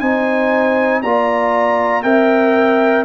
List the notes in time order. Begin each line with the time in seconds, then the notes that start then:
0.00 C4 D#4 C5 G#5
1.02 A#3 F4 D5 A#5
2.03 C4 A#4 E5 G5